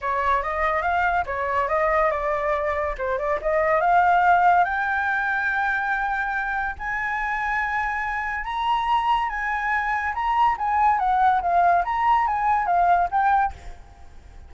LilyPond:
\new Staff \with { instrumentName = "flute" } { \time 4/4 \tempo 4 = 142 cis''4 dis''4 f''4 cis''4 | dis''4 d''2 c''8 d''8 | dis''4 f''2 g''4~ | g''1 |
gis''1 | ais''2 gis''2 | ais''4 gis''4 fis''4 f''4 | ais''4 gis''4 f''4 g''4 | }